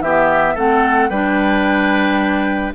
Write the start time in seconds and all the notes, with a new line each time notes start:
0.00 E3 B3 G4 E5
0.54 A3 C4 A4 F#5
1.09 G3 D4 B4 G5